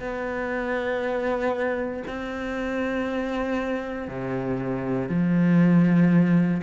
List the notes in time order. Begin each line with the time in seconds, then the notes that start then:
0.00 B3
2.08 C4
4.08 C3
5.09 F3